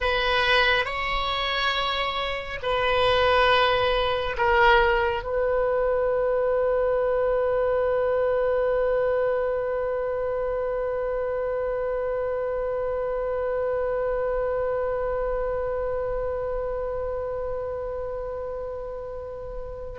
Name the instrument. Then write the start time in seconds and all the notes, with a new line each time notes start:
oboe
0.00 B4
0.85 C#5
2.62 B4
4.37 A#4
5.23 B4